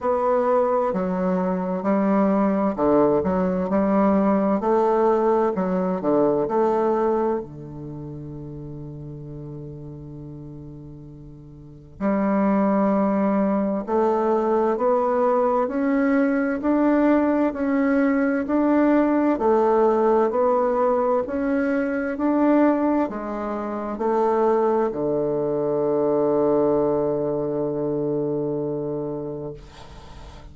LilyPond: \new Staff \with { instrumentName = "bassoon" } { \time 4/4 \tempo 4 = 65 b4 fis4 g4 d8 fis8 | g4 a4 fis8 d8 a4 | d1~ | d4 g2 a4 |
b4 cis'4 d'4 cis'4 | d'4 a4 b4 cis'4 | d'4 gis4 a4 d4~ | d1 | }